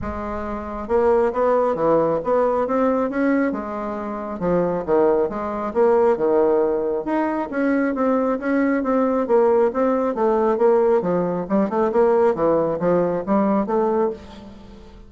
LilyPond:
\new Staff \with { instrumentName = "bassoon" } { \time 4/4 \tempo 4 = 136 gis2 ais4 b4 | e4 b4 c'4 cis'4 | gis2 f4 dis4 | gis4 ais4 dis2 |
dis'4 cis'4 c'4 cis'4 | c'4 ais4 c'4 a4 | ais4 f4 g8 a8 ais4 | e4 f4 g4 a4 | }